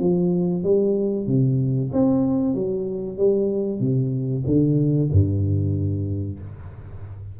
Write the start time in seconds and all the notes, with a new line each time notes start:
0.00 F3
0.64 G3
1.27 C3
1.93 C4
2.55 F#3
3.17 G3
3.80 C3
4.46 D3
5.12 G2